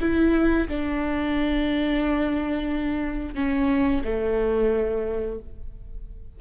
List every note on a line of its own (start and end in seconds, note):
0.00 0.67 E4
0.68 3.35 D4
3.35 4.02 C#4
4.04 5.38 A3